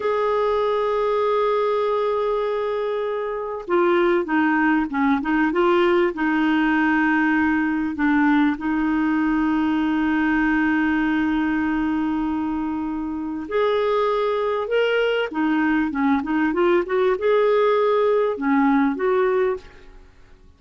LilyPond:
\new Staff \with { instrumentName = "clarinet" } { \time 4/4 \tempo 4 = 98 gis'1~ | gis'2 f'4 dis'4 | cis'8 dis'8 f'4 dis'2~ | dis'4 d'4 dis'2~ |
dis'1~ | dis'2 gis'2 | ais'4 dis'4 cis'8 dis'8 f'8 fis'8 | gis'2 cis'4 fis'4 | }